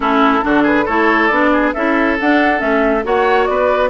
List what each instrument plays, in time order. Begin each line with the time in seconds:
0.00 bassoon A3, clarinet C#4, oboe E4, flute A4
0.41 bassoon D3, clarinet D4, oboe F#4
0.62 oboe G#4, flute B4
0.85 bassoon A3, clarinet E4, oboe A4, flute C#5
1.27 bassoon B3, clarinet D4, flute D5
1.52 oboe G#4
1.73 bassoon C#4, clarinet E4, oboe A4, flute E5
2.20 clarinet D4, bassoon D4, flute F#5
2.57 bassoon A3, clarinet C#4, flute E5
3.03 bassoon A#3, clarinet F#4, oboe C#5, flute F#5
3.45 bassoon B3, oboe B4, flute D5